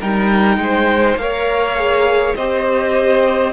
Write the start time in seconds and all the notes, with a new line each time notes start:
0.00 G3 D#4 A#4 G5
0.57 G#3 C5
1.16 A#3 A#4 C#5 F5
1.76 G#4
2.35 C4 G4 C5 D#5